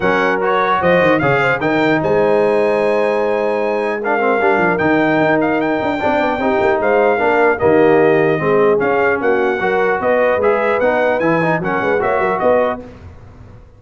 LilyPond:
<<
  \new Staff \with { instrumentName = "trumpet" } { \time 4/4 \tempo 4 = 150 fis''4 cis''4 dis''4 f''4 | g''4 gis''2.~ | gis''2 f''2 | g''4. f''8 g''2~ |
g''4 f''2 dis''4~ | dis''2 f''4 fis''4~ | fis''4 dis''4 e''4 fis''4 | gis''4 fis''4 e''4 dis''4 | }
  \new Staff \with { instrumentName = "horn" } { \time 4/4 ais'2 c''4 cis''8 c''8 | ais'4 c''2.~ | c''2 ais'2~ | ais'2. d''4 |
g'4 c''4 ais'4 g'4~ | g'4 gis'2 fis'4 | ais'4 b'2.~ | b'4 ais'8 b'8 cis''8 ais'8 b'4 | }
  \new Staff \with { instrumentName = "trombone" } { \time 4/4 cis'4 fis'2 gis'4 | dis'1~ | dis'2 d'8 c'8 d'4 | dis'2. d'4 |
dis'2 d'4 ais4~ | ais4 c'4 cis'2 | fis'2 gis'4 dis'4 | e'8 dis'8 cis'4 fis'2 | }
  \new Staff \with { instrumentName = "tuba" } { \time 4/4 fis2 f8 dis8 cis4 | dis4 gis2.~ | gis2. g8 f8 | dis4 dis'4. d'8 c'8 b8 |
c'8 ais8 gis4 ais4 dis4~ | dis4 gis4 cis'4 ais4 | fis4 b4 gis4 b4 | e4 fis8 gis8 ais8 fis8 b4 | }
>>